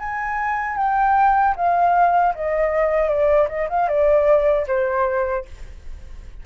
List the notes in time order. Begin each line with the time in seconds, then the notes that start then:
0.00 G#5
0.77 G5
1.57 F5
2.35 D#5
3.09 D5
3.49 D#5
3.70 F5
3.89 D5
4.68 C5